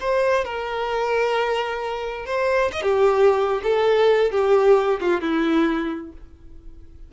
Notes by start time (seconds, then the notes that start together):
0.00 C5
0.44 A#4
2.26 C5
2.72 D#5
2.82 G4
3.63 A4
4.31 G4
5.00 F4
5.21 E4